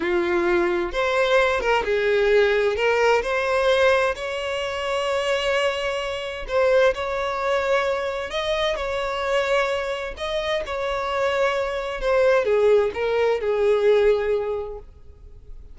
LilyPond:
\new Staff \with { instrumentName = "violin" } { \time 4/4 \tempo 4 = 130 f'2 c''4. ais'8 | gis'2 ais'4 c''4~ | c''4 cis''2.~ | cis''2 c''4 cis''4~ |
cis''2 dis''4 cis''4~ | cis''2 dis''4 cis''4~ | cis''2 c''4 gis'4 | ais'4 gis'2. | }